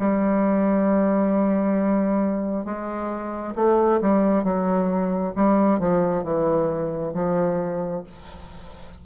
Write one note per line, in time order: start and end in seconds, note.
0.00 2.65 G3
2.65 3.55 G#3
3.56 4.01 A3
4.02 4.45 G3
4.45 5.34 F#3
5.36 5.80 G3
5.80 6.24 F3
6.24 7.14 E3
7.14 8.04 F3